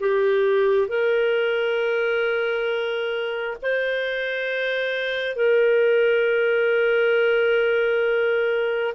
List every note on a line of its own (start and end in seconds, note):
0.00 0.88 G4
0.88 3.57 A#4
3.62 5.36 C5
5.36 8.94 A#4